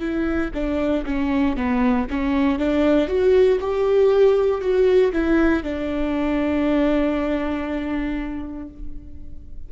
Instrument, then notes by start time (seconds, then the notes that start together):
viola
0.00 E4
0.55 D4
1.06 C#4
1.57 B3
2.10 C#4
2.59 D4
3.08 F#4
3.61 G4
4.62 F#4
5.13 E4
5.64 D4